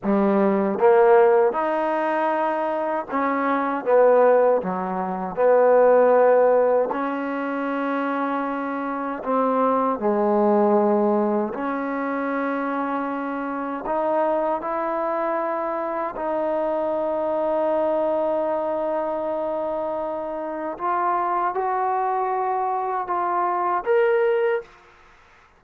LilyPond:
\new Staff \with { instrumentName = "trombone" } { \time 4/4 \tempo 4 = 78 g4 ais4 dis'2 | cis'4 b4 fis4 b4~ | b4 cis'2. | c'4 gis2 cis'4~ |
cis'2 dis'4 e'4~ | e'4 dis'2.~ | dis'2. f'4 | fis'2 f'4 ais'4 | }